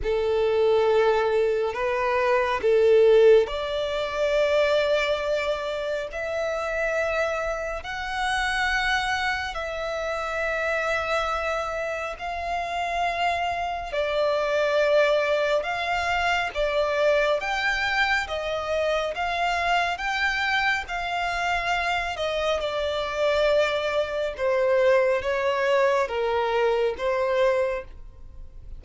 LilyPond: \new Staff \with { instrumentName = "violin" } { \time 4/4 \tempo 4 = 69 a'2 b'4 a'4 | d''2. e''4~ | e''4 fis''2 e''4~ | e''2 f''2 |
d''2 f''4 d''4 | g''4 dis''4 f''4 g''4 | f''4. dis''8 d''2 | c''4 cis''4 ais'4 c''4 | }